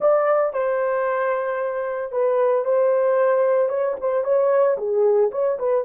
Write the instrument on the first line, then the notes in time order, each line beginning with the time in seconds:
horn
0.00 D5
0.53 C5
2.11 B4
2.65 C5
3.69 C#5
4.00 C5
4.24 C#5
4.77 G#4
5.31 C#5
5.58 B4